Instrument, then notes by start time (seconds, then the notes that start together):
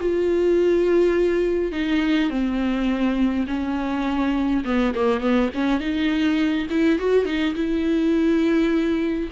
viola
0.00 F4
1.72 D#4
2.30 C4
3.47 C#4
4.65 B3
4.95 A#3
5.20 B3
5.54 C#4
5.80 D#4
6.70 E4
6.99 F#4
7.25 D#4
7.55 E4